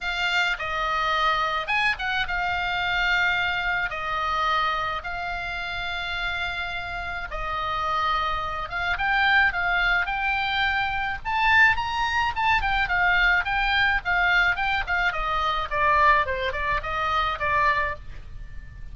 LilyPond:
\new Staff \with { instrumentName = "oboe" } { \time 4/4 \tempo 4 = 107 f''4 dis''2 gis''8 fis''8 | f''2. dis''4~ | dis''4 f''2.~ | f''4 dis''2~ dis''8 f''8 |
g''4 f''4 g''2 | a''4 ais''4 a''8 g''8 f''4 | g''4 f''4 g''8 f''8 dis''4 | d''4 c''8 d''8 dis''4 d''4 | }